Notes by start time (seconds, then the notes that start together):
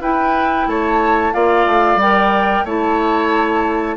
0.00 E4 B4 G5
0.67 A3 C#5 A5
1.32 A#3 F4 D5 F5
1.66 A3
1.95 G3 A#4 G5
2.64 A3 E4 C#5 A5